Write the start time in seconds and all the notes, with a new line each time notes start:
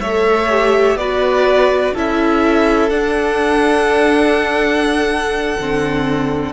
0.00 A3 A4 C#5 E5
0.49 G4
0.95 B3 F#4 B4 D5
1.94 C#4 E4 A4 E5
2.89 D4 F#5
5.58 D3 C4